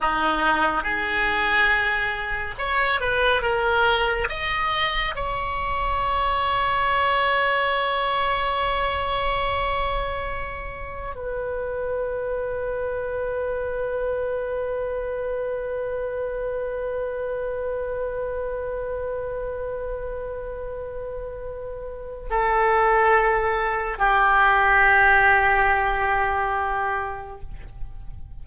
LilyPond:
\new Staff \with { instrumentName = "oboe" } { \time 4/4 \tempo 4 = 70 dis'4 gis'2 cis''8 b'8 | ais'4 dis''4 cis''2~ | cis''1~ | cis''4 b'2.~ |
b'1~ | b'1~ | b'2 a'2 | g'1 | }